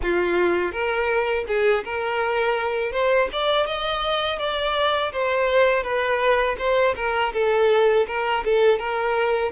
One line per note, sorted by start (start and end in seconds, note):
0.02 0.72 F4
0.72 1.45 A#4
1.47 1.84 G#4
1.84 2.92 A#4
2.92 3.28 C5
3.32 3.66 D5
3.66 4.38 D#5
4.38 5.12 D5
5.12 5.83 C5
5.83 6.56 B4
6.58 6.94 C5
6.96 7.32 A#4
7.33 8.06 A4
8.07 8.43 A#4
8.44 8.78 A4
8.78 9.52 A#4